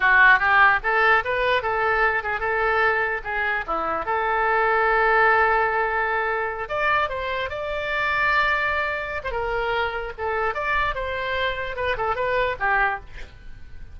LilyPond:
\new Staff \with { instrumentName = "oboe" } { \time 4/4 \tempo 4 = 148 fis'4 g'4 a'4 b'4 | a'4. gis'8 a'2 | gis'4 e'4 a'2~ | a'1~ |
a'8 d''4 c''4 d''4.~ | d''2~ d''8. c''16 ais'4~ | ais'4 a'4 d''4 c''4~ | c''4 b'8 a'8 b'4 g'4 | }